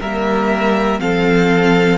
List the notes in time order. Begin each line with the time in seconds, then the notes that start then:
0.00 G3 A#3 A#4 E5
0.99 F3 C4 A4 F5